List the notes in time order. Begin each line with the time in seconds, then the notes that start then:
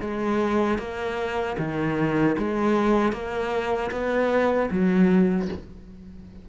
0.00 G#3
0.78 A#3
1.58 D#3
2.38 G#3
3.12 A#3
3.91 B3
4.70 F#3